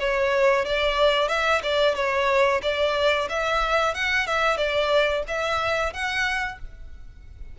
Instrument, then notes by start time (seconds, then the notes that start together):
violin
0.00 C#5
0.65 D5
1.29 E5
1.63 D5
1.95 C#5
2.63 D5
3.29 E5
3.95 F#5
4.27 E5
4.57 D5
5.28 E5
5.93 F#5